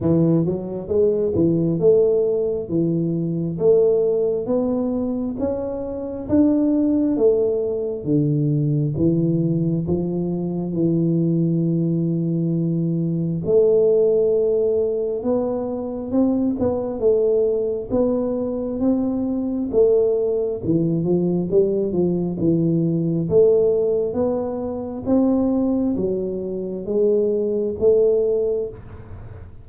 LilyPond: \new Staff \with { instrumentName = "tuba" } { \time 4/4 \tempo 4 = 67 e8 fis8 gis8 e8 a4 e4 | a4 b4 cis'4 d'4 | a4 d4 e4 f4 | e2. a4~ |
a4 b4 c'8 b8 a4 | b4 c'4 a4 e8 f8 | g8 f8 e4 a4 b4 | c'4 fis4 gis4 a4 | }